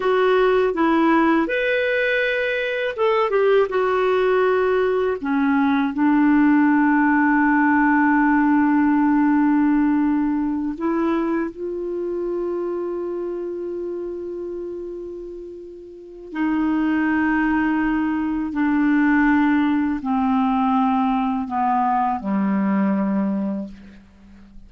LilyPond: \new Staff \with { instrumentName = "clarinet" } { \time 4/4 \tempo 4 = 81 fis'4 e'4 b'2 | a'8 g'8 fis'2 cis'4 | d'1~ | d'2~ d'8 e'4 f'8~ |
f'1~ | f'2 dis'2~ | dis'4 d'2 c'4~ | c'4 b4 g2 | }